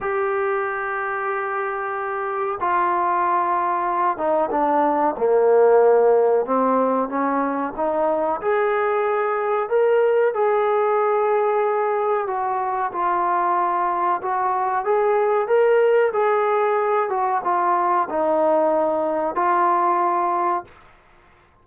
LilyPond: \new Staff \with { instrumentName = "trombone" } { \time 4/4 \tempo 4 = 93 g'1 | f'2~ f'8 dis'8 d'4 | ais2 c'4 cis'4 | dis'4 gis'2 ais'4 |
gis'2. fis'4 | f'2 fis'4 gis'4 | ais'4 gis'4. fis'8 f'4 | dis'2 f'2 | }